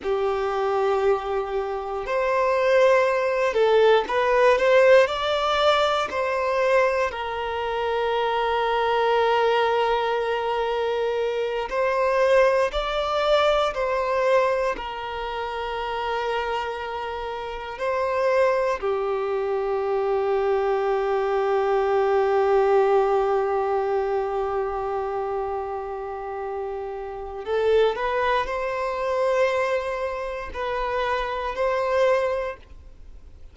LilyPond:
\new Staff \with { instrumentName = "violin" } { \time 4/4 \tempo 4 = 59 g'2 c''4. a'8 | b'8 c''8 d''4 c''4 ais'4~ | ais'2.~ ais'8 c''8~ | c''8 d''4 c''4 ais'4.~ |
ais'4. c''4 g'4.~ | g'1~ | g'2. a'8 b'8 | c''2 b'4 c''4 | }